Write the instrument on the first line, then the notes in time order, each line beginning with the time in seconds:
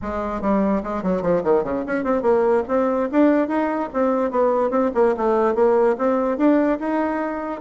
bassoon
0.02 G#3
0.41 G3
0.83 G#3
1.03 F#3
1.22 F3
1.43 D#3
1.63 C#3
1.86 C#4
2.03 C4
2.22 A#3
2.68 C4
3.11 D4
3.48 D#4
3.93 C4
4.31 B3
4.70 C4
4.94 A#3
5.16 A3
5.55 A#3
5.98 C4
6.37 D4
6.79 D#4